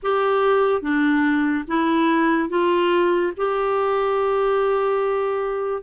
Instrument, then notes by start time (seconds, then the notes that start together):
clarinet
0.02 G4
0.81 D4
1.67 E4
2.49 F4
3.36 G4